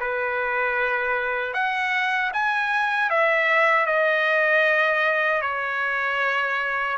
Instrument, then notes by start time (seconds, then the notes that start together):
trumpet
0.00 B4
1.54 F#5
2.33 G#5
3.10 E5
3.86 D#5
5.42 C#5